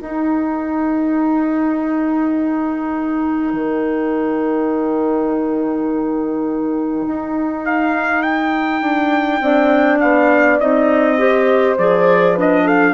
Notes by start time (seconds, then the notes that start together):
0.00 D#4 A#4 G5
3.53 D#3
7.07 D#4
7.65 F5
8.23 G5
8.82 D4
9.41 C4 D4 D5
10.00 B3 F5
10.60 C4 D#4 D#5
11.18 G4 C5
11.79 F3 G#4 D5
12.35 D4 B4 D#5
12.65 A4 F5